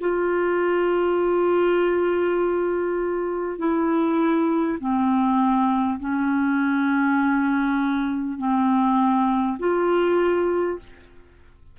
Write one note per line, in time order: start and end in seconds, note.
0.00 3.58 F4
3.58 4.78 E4
4.79 5.99 C4
5.99 8.38 C#4
8.38 9.58 C4
9.58 10.78 F4